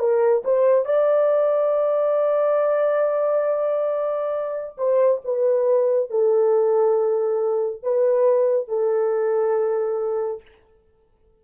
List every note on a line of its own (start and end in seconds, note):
0.00 0.43 A#4
0.45 0.86 C5
0.86 4.77 D5
4.78 5.22 C5
5.25 6.10 B4
6.10 7.83 A4
7.83 8.68 B4
8.68 10.42 A4